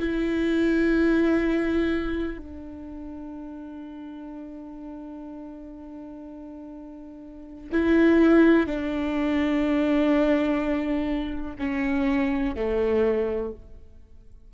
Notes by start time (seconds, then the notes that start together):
0.00 E4
2.39 D4
7.72 E4
8.67 D4
11.59 C#4
12.56 A3